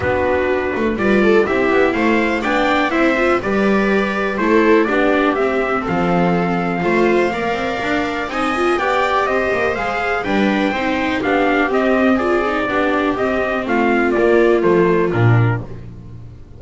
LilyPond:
<<
  \new Staff \with { instrumentName = "trumpet" } { \time 4/4 \tempo 4 = 123 b'2 d''4 e''4 | f''4 g''4 e''4 d''4~ | d''4 c''4 d''4 e''4 | f''1~ |
f''4 gis''4 g''4 dis''4 | f''4 g''2 f''4 | dis''4 d''2 dis''4 | f''4 d''4 c''4 ais'4 | }
  \new Staff \with { instrumentName = "viola" } { \time 4/4 fis'2 b'8 a'8 g'4 | c''4 d''4 c''4 b'4~ | b'4 a'4 g'2 | a'2 c''4 d''4~ |
d''4 dis''4 d''4 c''4~ | c''4 b'4 c''4 g'4~ | g'4 gis'4 g'2 | f'1 | }
  \new Staff \with { instrumentName = "viola" } { \time 4/4 d'2 f'4 e'4~ | e'4 d'4 e'8 f'8 g'4~ | g'4 e'4 d'4 c'4~ | c'2 f'4 ais'4~ |
ais'4 dis'8 f'8 g'2 | gis'4 d'4 dis'4 d'4 | c'4 f'8 dis'8 d'4 c'4~ | c'4 ais4 a4 d'4 | }
  \new Staff \with { instrumentName = "double bass" } { \time 4/4 b4. a8 g4 c'8 b8 | a4 b4 c'4 g4~ | g4 a4 b4 c'4 | f2 a4 ais8 c'8 |
d'4 c'4 b4 c'8 ais8 | gis4 g4 c'4 b4 | c'2 b4 c'4 | a4 ais4 f4 ais,4 | }
>>